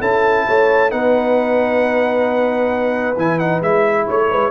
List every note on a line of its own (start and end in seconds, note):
0.00 0.46 C#4
0.00 0.89 E4
0.00 0.45 A4
0.00 0.91 A5
0.47 0.92 A3
0.47 0.92 C#5
0.89 3.16 B3
0.89 3.15 D#4
0.89 4.05 B4
0.89 3.16 F#5
3.16 3.61 E3
3.16 3.40 E4
3.16 3.39 G#5
3.39 3.62 D#4
3.39 3.62 F#5
3.61 4.06 G#3
3.61 4.51 E4
3.61 4.08 E5
4.05 4.32 A3
4.05 4.28 C#5
4.05 4.51 C#5
4.30 4.51 G#3
4.30 4.51 B4